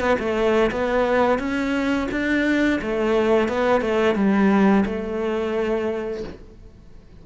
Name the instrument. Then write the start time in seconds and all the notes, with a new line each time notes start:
cello
0.00 B3
0.19 A3
0.71 B3
1.39 C#4
2.11 D4
2.82 A3
3.48 B3
3.81 A3
4.15 G3
4.86 A3